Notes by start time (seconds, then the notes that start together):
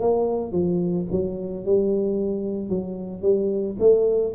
0.00 A#3
0.52 F3
1.11 F#3
1.65 G3
2.69 F#3
3.22 G3
3.79 A3